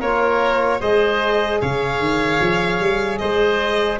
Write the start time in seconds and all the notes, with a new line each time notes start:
0.00 A#3 F4 A#4 C#5
0.80 G#3 G#4 C5 D#5
1.61 C#3 C#5 F5
2.00 D#3
2.41 F3
2.80 G3
3.18 G#3 C5 D#5